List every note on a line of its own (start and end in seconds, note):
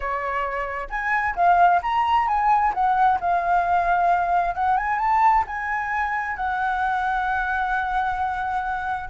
0.00 0.88 C#5
0.89 1.35 G#5
1.35 1.81 F5
1.82 2.27 A#5
2.27 2.73 G#5
2.74 3.19 F#5
3.20 4.55 F5
4.55 4.77 F#5
4.77 4.98 G#5
4.98 5.43 A5
5.47 6.36 G#5
6.36 9.09 F#5